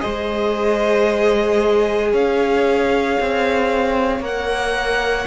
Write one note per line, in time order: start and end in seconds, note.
0.00 2.13 G#3
0.00 4.21 G#4
0.00 2.12 C5
0.00 2.11 D#5
2.12 3.19 C#4
2.12 5.27 C#5
2.12 4.24 F5
3.20 4.20 C4
4.20 5.25 A#3
4.20 5.27 A#4
4.20 5.27 F#5